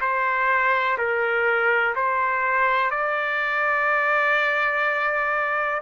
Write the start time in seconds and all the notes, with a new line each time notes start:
0.00 C5
0.97 A#4
1.95 C5
2.90 D5